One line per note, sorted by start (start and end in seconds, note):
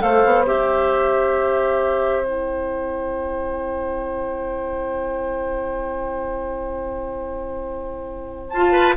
0.00 0.25 A3
0.00 0.45 A4
0.00 8.72 C5
0.00 0.46 F5
0.25 0.47 B3
0.46 8.53 C4
0.46 2.24 G4
0.46 2.25 E5
2.24 8.51 E4
2.24 8.50 G5
8.50 8.96 F4
8.50 8.94 A5
8.56 8.96 F4
8.72 8.94 B4